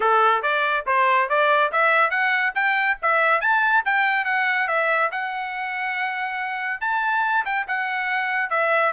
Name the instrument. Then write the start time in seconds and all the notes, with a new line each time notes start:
trumpet
0.00 A4
0.42 D5
0.86 C5
1.29 D5
1.72 E5
2.10 F#5
2.55 G5
3.02 E5
3.40 A5
3.85 G5
4.24 F#5
4.67 E5
5.11 F#5
6.80 A5
7.45 G5
7.67 F#5
8.50 E5